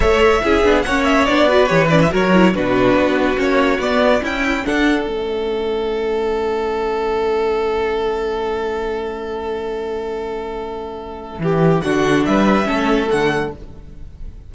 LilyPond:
<<
  \new Staff \with { instrumentName = "violin" } { \time 4/4 \tempo 4 = 142 e''2 fis''8 e''8 d''4 | cis''8 d''16 e''16 cis''4 b'2 | cis''4 d''4 g''4 fis''4 | e''1~ |
e''1~ | e''1~ | e''1 | fis''4 e''2 fis''4 | }
  \new Staff \with { instrumentName = "violin" } { \time 4/4 cis''4 gis'4 cis''4. b'8~ | b'4 ais'4 fis'2~ | fis'2 e'4 a'4~ | a'1~ |
a'1~ | a'1~ | a'2. g'4 | fis'4 b'4 a'2 | }
  \new Staff \with { instrumentName = "viola" } { \time 4/4 a'4 e'8 d'8 cis'4 d'8 fis'8 | g'8 cis'8 fis'8 e'8 d'2 | cis'4 b4 e'4 d'4 | cis'1~ |
cis'1~ | cis'1~ | cis'1 | d'2 cis'4 a4 | }
  \new Staff \with { instrumentName = "cello" } { \time 4/4 a4 cis'8 b8 ais4 b4 | e4 fis4 b,4 b4 | ais4 b4 cis'4 d'4 | a1~ |
a1~ | a1~ | a2. e4 | d4 g4 a4 d4 | }
>>